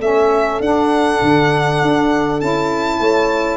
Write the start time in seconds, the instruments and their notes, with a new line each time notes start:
0.00 tuba A3, saxophone C#4, horn A4, violin E5
0.60 tuba D4, saxophone D4, violin F#5
1.22 tuba D3
1.82 tuba D4
2.41 tuba C#4, saxophone E4, violin A5
3.01 tuba A3, horn C#5